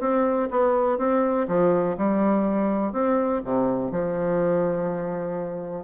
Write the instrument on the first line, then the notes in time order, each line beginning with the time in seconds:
bassoon
0.00 C4
0.50 B3
0.98 C4
1.47 F3
1.97 G3
2.92 C4
3.44 C3
3.91 F3